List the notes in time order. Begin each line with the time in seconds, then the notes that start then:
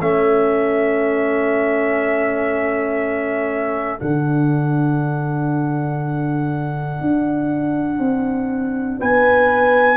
0.00 A3 C#4 A4 E5
3.98 D3 D4 F#5
7.00 D4
7.99 C4
8.99 B3 B4 G#5